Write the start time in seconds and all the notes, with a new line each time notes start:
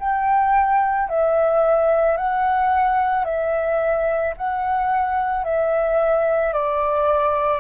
0.00 G5
1.09 E5
2.17 F#5
3.25 E5
4.37 F#5
5.44 E5
6.53 D5